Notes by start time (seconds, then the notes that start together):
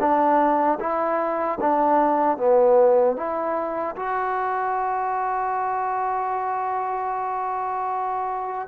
0.00 D4
0.80 E4
1.60 D4
2.38 B3
3.17 E4
3.96 F#4